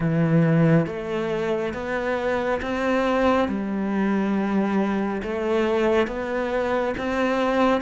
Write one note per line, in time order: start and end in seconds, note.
0.00 0.86 E3
0.86 1.73 A3
1.73 2.60 B3
2.62 3.48 C4
3.48 5.22 G3
5.23 6.07 A3
6.07 6.94 B3
6.97 7.81 C4